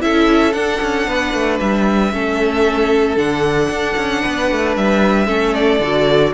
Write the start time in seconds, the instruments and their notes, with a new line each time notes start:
0.00 cello C#4, viola E4, violin A4 E5
0.52 viola D4, cello D4, violin F#5
0.81 cello C#4
1.07 cello B3, violin B4
1.33 cello A3
1.60 cello G3, violin E5
2.12 cello A3, viola C#4, violin A4
3.16 cello D3, viola D4, violin F#5
3.69 cello D4
3.96 cello C#4
4.22 cello B3, violin B4
4.51 cello A3
4.76 cello G3, violin E5
5.26 cello A3, viola C#4, violin A4
5.54 violin D5
5.79 cello D3, viola F#4